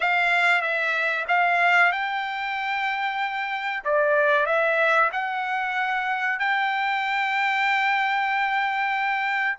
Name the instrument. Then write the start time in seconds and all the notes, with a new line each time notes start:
trumpet
0.00 F5
0.61 E5
1.28 F5
1.92 G5
3.84 D5
4.46 E5
5.12 F#5
6.39 G5